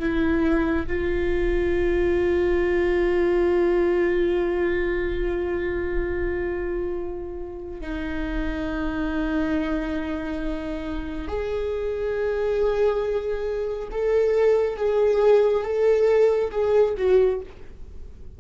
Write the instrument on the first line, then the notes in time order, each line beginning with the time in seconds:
viola
0.00 E4
0.87 F4
7.81 D#4
11.28 G#4
13.92 A4
14.77 G#4
15.64 A4
16.51 G#4
16.97 F#4